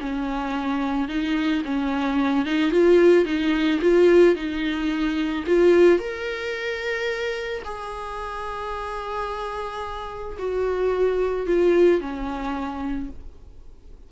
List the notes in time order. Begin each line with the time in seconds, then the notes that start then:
0.00 C#4
1.08 D#4
1.64 C#4
2.45 D#4
2.71 F4
3.25 D#4
3.81 F4
4.35 D#4
5.47 F4
5.99 A#4
7.65 G#4
10.39 F#4
11.47 F4
12.01 C#4